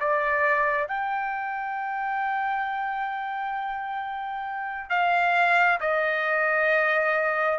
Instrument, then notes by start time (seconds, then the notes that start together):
trumpet
0.00 D5
0.88 G5
4.90 F5
5.80 D#5